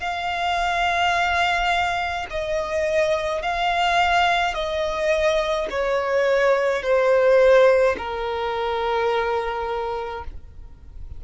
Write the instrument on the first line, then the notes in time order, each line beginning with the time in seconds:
violin
0.00 F5
2.31 D#5
3.43 F5
4.54 D#5
5.71 C#5
6.83 C5
7.98 A#4